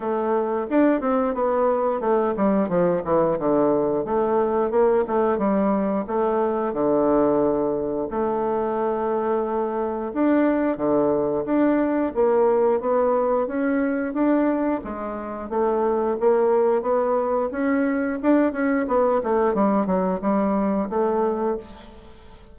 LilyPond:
\new Staff \with { instrumentName = "bassoon" } { \time 4/4 \tempo 4 = 89 a4 d'8 c'8 b4 a8 g8 | f8 e8 d4 a4 ais8 a8 | g4 a4 d2 | a2. d'4 |
d4 d'4 ais4 b4 | cis'4 d'4 gis4 a4 | ais4 b4 cis'4 d'8 cis'8 | b8 a8 g8 fis8 g4 a4 | }